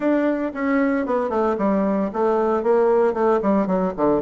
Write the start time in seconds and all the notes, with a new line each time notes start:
0.00 D4
0.54 C#4
1.06 B3
1.29 A3
1.58 G3
2.13 A3
2.63 A#3
3.13 A3
3.41 G3
3.66 F#3
3.96 D3